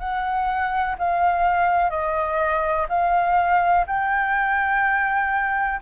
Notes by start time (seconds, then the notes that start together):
0.00 F#5
0.99 F5
1.90 D#5
2.89 F5
3.87 G5